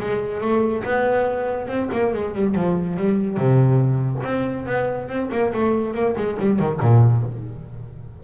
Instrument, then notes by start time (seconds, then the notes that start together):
double bass
0.00 G#3
0.41 A3
0.84 B3
1.68 C4
1.92 A#3
2.14 G#3
2.35 G3
2.55 F3
2.97 G3
3.37 C3
4.24 C4
4.66 B3
5.09 C4
5.32 A#3
5.54 A3
5.94 A#3
6.17 G#3
6.40 G3
6.59 D#3
6.81 A#2